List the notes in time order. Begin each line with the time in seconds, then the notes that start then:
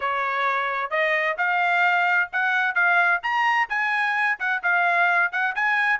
0.00 C#5
0.90 D#5
1.37 F5
2.32 F#5
2.74 F5
3.22 A#5
3.69 G#5
4.39 F#5
4.63 F5
5.31 F#5
5.55 G#5